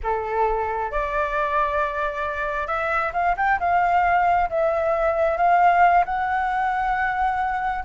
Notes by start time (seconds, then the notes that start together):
0.02 A4
0.91 D5
2.67 E5
3.13 F5
3.37 G5
3.59 F5
4.49 E5
5.37 F5
6.05 F#5